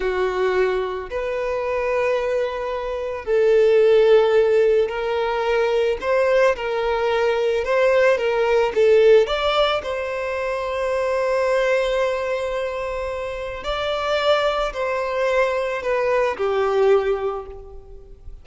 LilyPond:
\new Staff \with { instrumentName = "violin" } { \time 4/4 \tempo 4 = 110 fis'2 b'2~ | b'2 a'2~ | a'4 ais'2 c''4 | ais'2 c''4 ais'4 |
a'4 d''4 c''2~ | c''1~ | c''4 d''2 c''4~ | c''4 b'4 g'2 | }